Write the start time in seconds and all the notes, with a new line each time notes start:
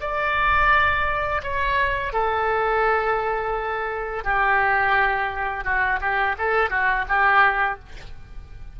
0.00 D5
1.42 C#5
2.12 A4
4.24 G4
5.64 F#4
6.00 G4
6.38 A4
6.69 F#4
7.08 G4